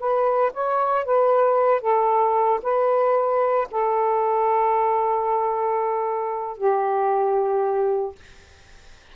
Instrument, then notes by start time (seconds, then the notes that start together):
saxophone
0.00 B4
0.54 C#5
1.06 B4
1.82 A4
2.63 B4
3.71 A4
6.58 G4